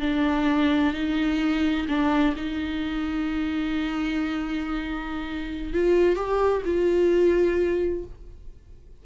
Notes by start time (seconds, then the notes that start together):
0.00 D4
0.93 D#4
1.88 D4
2.36 D#4
5.73 F4
6.15 G4
6.65 F4